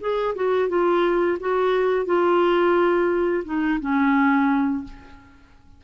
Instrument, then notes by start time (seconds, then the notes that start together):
clarinet
0.00 G#4
0.35 F#4
0.69 F4
1.40 F#4
2.05 F4
3.45 D#4
3.80 C#4